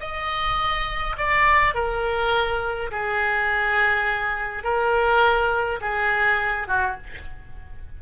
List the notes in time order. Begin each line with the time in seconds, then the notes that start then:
0.00 D#5
1.17 D5
1.74 A#4
2.91 G#4
4.64 A#4
5.81 G#4
6.68 F#4